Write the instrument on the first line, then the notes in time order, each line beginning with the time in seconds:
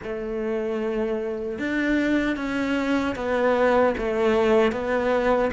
cello
0.03 A3
1.59 D4
2.36 C#4
3.15 B3
3.97 A3
4.72 B3